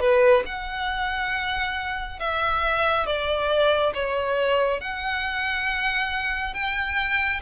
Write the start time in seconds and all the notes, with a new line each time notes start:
0.00 B4
0.46 F#5
2.19 E5
3.06 D5
3.94 C#5
4.81 F#5
6.54 G5